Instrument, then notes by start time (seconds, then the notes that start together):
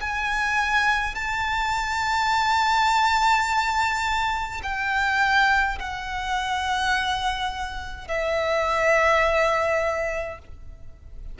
violin
0.00 G#5
1.15 A5
4.63 G5
5.78 F#5
8.08 E5